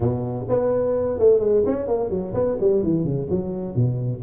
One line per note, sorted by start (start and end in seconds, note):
0.00 0.46 B2
0.49 1.18 B3
1.18 1.39 A3
1.39 1.63 G#3
1.66 1.87 C#4
1.87 2.10 A#3
2.10 2.33 F#3
2.34 2.57 B3
2.60 2.83 G3
2.83 3.04 E3
3.04 3.27 C#3
3.29 3.75 F#3
3.75 4.21 B2